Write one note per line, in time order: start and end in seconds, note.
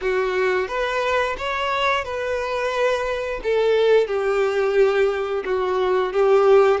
0.01 0.68 F#4
0.68 1.36 B4
1.38 2.04 C#5
2.04 3.40 B4
3.43 4.07 A4
4.07 5.43 G4
5.44 6.12 F#4
6.12 6.80 G4